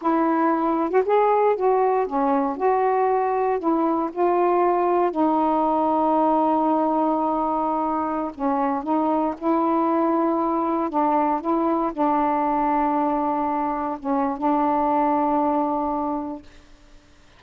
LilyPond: \new Staff \with { instrumentName = "saxophone" } { \time 4/4 \tempo 4 = 117 e'4.~ e'16 fis'16 gis'4 fis'4 | cis'4 fis'2 e'4 | f'2 dis'2~ | dis'1~ |
dis'16 cis'4 dis'4 e'4.~ e'16~ | e'4~ e'16 d'4 e'4 d'8.~ | d'2.~ d'16 cis'8. | d'1 | }